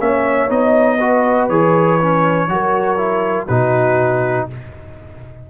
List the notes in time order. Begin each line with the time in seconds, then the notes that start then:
0.00 A#3 C#4 C#5 E5
0.49 B3 D#4 D#5
0.99 F#4 B4
1.49 E3 G#4 C#5
2.02 C#4
2.49 F#3 F#4 A#4
2.98 E4
3.47 B2 D#4 F#4 B4